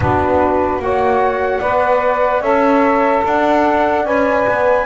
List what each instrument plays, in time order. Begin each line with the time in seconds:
0.00 double bass B3, saxophone D4, horn F#4, flute B4
0.78 double bass A#3, saxophone F#4, horn C#5, flute F#5
1.60 double bass B3, saxophone B4, horn D5
2.41 double bass C#4, saxophone A4, horn C#5, flute E5
3.24 double bass D4, horn D5, flute F#5
4.05 double bass C#4, saxophone B4, flute G#5
4.47 double bass B3